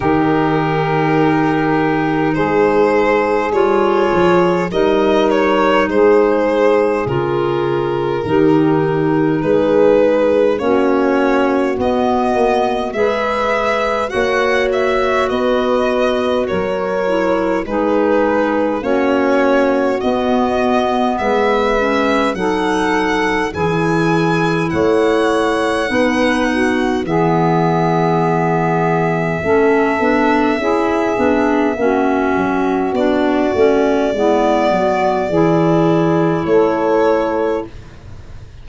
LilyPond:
<<
  \new Staff \with { instrumentName = "violin" } { \time 4/4 \tempo 4 = 51 ais'2 c''4 cis''4 | dis''8 cis''8 c''4 ais'2 | b'4 cis''4 dis''4 e''4 | fis''8 e''8 dis''4 cis''4 b'4 |
cis''4 dis''4 e''4 fis''4 | gis''4 fis''2 e''4~ | e''1 | d''2. cis''4 | }
  \new Staff \with { instrumentName = "saxophone" } { \time 4/4 g'2 gis'2 | ais'4 gis'2 g'4 | gis'4 fis'2 b'4 | cis''4 b'4 ais'4 gis'4 |
fis'2 b'4 a'4 | gis'4 cis''4 b'8 fis'8 gis'4~ | gis'4 a'4 gis'4 fis'4~ | fis'4 e'8 fis'8 gis'4 a'4 | }
  \new Staff \with { instrumentName = "clarinet" } { \time 4/4 dis'2. f'4 | dis'2 f'4 dis'4~ | dis'4 cis'4 b4 gis'4 | fis'2~ fis'8 e'8 dis'4 |
cis'4 b4. cis'8 dis'4 | e'2 dis'4 b4~ | b4 cis'8 d'8 e'8 d'8 cis'4 | d'8 cis'8 b4 e'2 | }
  \new Staff \with { instrumentName = "tuba" } { \time 4/4 dis2 gis4 g8 f8 | g4 gis4 cis4 dis4 | gis4 ais4 b8 ais8 gis4 | ais4 b4 fis4 gis4 |
ais4 b4 gis4 fis4 | e4 a4 b4 e4~ | e4 a8 b8 cis'8 b8 ais8 fis8 | b8 a8 gis8 fis8 e4 a4 | }
>>